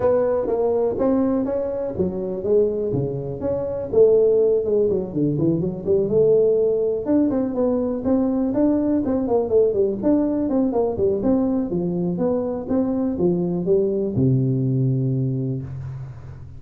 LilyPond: \new Staff \with { instrumentName = "tuba" } { \time 4/4 \tempo 4 = 123 b4 ais4 c'4 cis'4 | fis4 gis4 cis4 cis'4 | a4. gis8 fis8 d8 e8 fis8 | g8 a2 d'8 c'8 b8~ |
b8 c'4 d'4 c'8 ais8 a8 | g8 d'4 c'8 ais8 g8 c'4 | f4 b4 c'4 f4 | g4 c2. | }